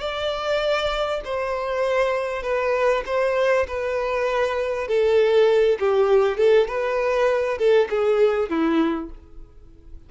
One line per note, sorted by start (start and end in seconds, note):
0.00 1.21 D5
1.25 2.43 C5
2.43 3.04 B4
3.06 3.67 C5
3.67 4.88 B4
4.88 5.79 A4
5.80 6.38 G4
6.38 6.68 A4
6.68 7.58 B4
7.58 7.88 A4
7.90 8.50 G#4
8.50 9.10 E4